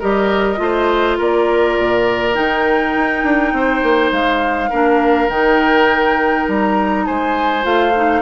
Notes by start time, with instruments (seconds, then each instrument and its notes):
0.00 bassoon G3, clarinet G4, oboe A#4, flute D#5
0.57 bassoon A3, clarinet F4, oboe C5
1.18 bassoon A#3, oboe A#4, flute D5
1.79 bassoon A#2
2.34 bassoon D#3, clarinet D#4, flute G5
2.96 bassoon D#4
3.24 bassoon D4
3.53 bassoon C4, oboe C5
3.83 bassoon A#3
4.12 bassoon G#3, flute F5
4.70 bassoon A#3, clarinet D4, oboe A#4
5.29 bassoon D#3, clarinet D#4, flute G5
6.48 bassoon G3, flute A#5
7.06 bassoon G#3, oboe C5, flute G#5
7.63 bassoon A3, clarinet F4, flute F5
7.96 clarinet D#4